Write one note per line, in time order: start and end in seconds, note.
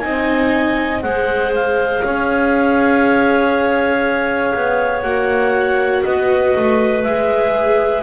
0.00 1.04 C4
0.00 1.02 D#4
0.00 1.04 D#5
0.00 1.00 G#5
1.02 2.04 G#3
1.02 5.04 G#4
1.02 2.04 C5
1.02 1.52 F#5
1.55 5.02 F5
2.04 4.54 C#4
2.04 6.04 C#5
4.55 5.04 B3
5.02 6.04 A#3
5.02 7.04 F#4
5.02 6.02 F#5
6.05 6.56 B3
6.05 8.03 B4
6.05 7.03 D#5
6.56 7.06 A3
7.03 8.03 G#3
7.03 8.03 G#4
7.03 8.03 E5